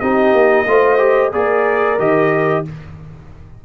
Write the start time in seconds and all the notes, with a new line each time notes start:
0.00 C4 D#4 G4 D#5
0.33 A#3
0.67 A3 F4 C5
0.98 G4
1.33 A#3 G#4 A#4 D5
1.99 D#3 G4 D#5